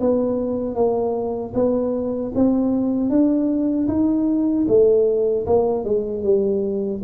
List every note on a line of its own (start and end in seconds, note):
0.00 0.75 B3
0.75 1.53 A#3
1.54 2.32 B3
2.35 3.10 C4
3.10 3.87 D4
3.88 4.66 D#4
4.68 5.45 A3
5.46 5.84 A#3
5.84 6.23 G#3
6.23 7.01 G3